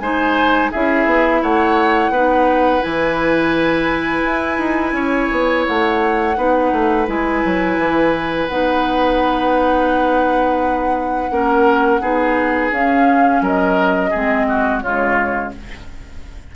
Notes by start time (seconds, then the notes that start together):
0.00 G#3 D#4 C5 G#5
0.71 C#4 E4 G#4 E5
1.06 B3
1.42 A3 C#5 F#5
2.10 B3 D#4 B4
2.81 E3 E4 G#5
4.25 E4
4.58 D#4
4.92 C#4 C#5
5.31 B3
5.67 A3 F#5
6.37 B3 D#4 B4
6.72 A3
7.07 G#3 E4 G#5
7.45 F#3
7.78 E3
8.47 B3 D#4 F#5
11.31 A#3 C#4 A#4
12.01 B3 D#4 G#4
12.71 C#4 F5
13.41 F#3 A#4 D#5
14.11 G#3 C4 G#4
14.49 F#4
14.81 C#3 G#3 F4 C#5